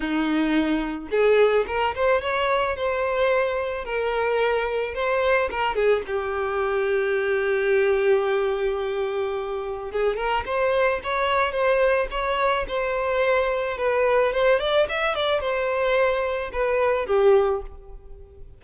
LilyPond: \new Staff \with { instrumentName = "violin" } { \time 4/4 \tempo 4 = 109 dis'2 gis'4 ais'8 c''8 | cis''4 c''2 ais'4~ | ais'4 c''4 ais'8 gis'8 g'4~ | g'1~ |
g'2 gis'8 ais'8 c''4 | cis''4 c''4 cis''4 c''4~ | c''4 b'4 c''8 d''8 e''8 d''8 | c''2 b'4 g'4 | }